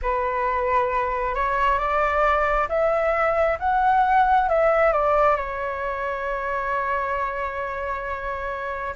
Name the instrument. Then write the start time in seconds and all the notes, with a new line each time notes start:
flute
0.02 B4
1.34 C#5
1.78 D5
2.68 E5
3.59 F#5
4.49 E5
4.92 D5
5.36 C#5